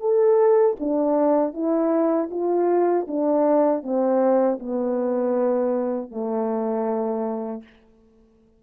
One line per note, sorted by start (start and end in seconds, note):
0.00 0.76 A4
0.79 1.53 D4
1.53 2.29 E4
2.30 3.06 F4
3.07 3.83 D4
3.83 4.59 C4
4.59 6.11 B3
6.11 7.63 A3